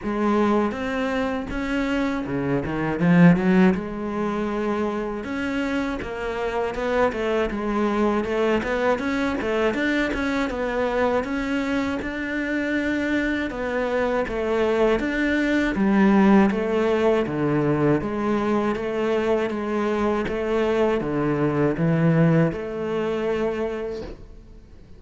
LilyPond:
\new Staff \with { instrumentName = "cello" } { \time 4/4 \tempo 4 = 80 gis4 c'4 cis'4 cis8 dis8 | f8 fis8 gis2 cis'4 | ais4 b8 a8 gis4 a8 b8 | cis'8 a8 d'8 cis'8 b4 cis'4 |
d'2 b4 a4 | d'4 g4 a4 d4 | gis4 a4 gis4 a4 | d4 e4 a2 | }